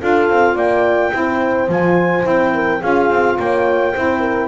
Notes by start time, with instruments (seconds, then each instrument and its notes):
0.00 double bass D4, saxophone F4, horn A4, clarinet F5
0.29 double bass C4
0.55 double bass A#3, horn D5, clarinet G5
1.12 double bass C4, saxophone E4, horn C5
1.68 double bass F3, saxophone F4, clarinet G#5
2.22 double bass C4, saxophone E4, clarinet G5
2.54 horn A#4
2.80 double bass C#4, saxophone F4, horn G#4, clarinet F5
3.10 double bass C4
3.37 double bass A#3, horn C#5, clarinet G5
3.93 double bass C4, saxophone E4, horn C5
4.19 horn A#4